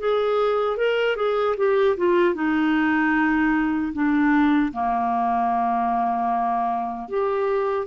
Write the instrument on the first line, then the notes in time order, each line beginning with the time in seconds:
clarinet
0.00 G#4
0.78 A#4
1.17 G#4
1.58 G4
1.97 F4
2.35 D#4
3.94 D4
4.73 A#3
7.09 G4